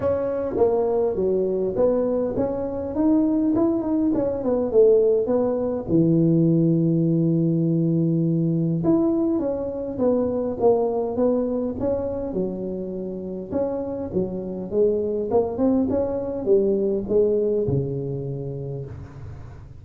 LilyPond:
\new Staff \with { instrumentName = "tuba" } { \time 4/4 \tempo 4 = 102 cis'4 ais4 fis4 b4 | cis'4 dis'4 e'8 dis'8 cis'8 b8 | a4 b4 e2~ | e2. e'4 |
cis'4 b4 ais4 b4 | cis'4 fis2 cis'4 | fis4 gis4 ais8 c'8 cis'4 | g4 gis4 cis2 | }